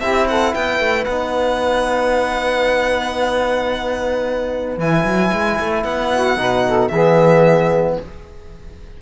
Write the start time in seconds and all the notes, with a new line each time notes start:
0.00 C4 E4 G4 E5
0.28 A4 F#5
0.53 B3 B4 G5
0.79 A3
1.05 B3 D#4 F#5
4.78 E3 E4 G#5
5.05 F#3
5.32 G#3
5.60 A3
5.84 B3 F#5
6.13 F#4
6.37 B2 D#4 B4
6.67 A4
6.88 E3 G#4 E5
6.95 B3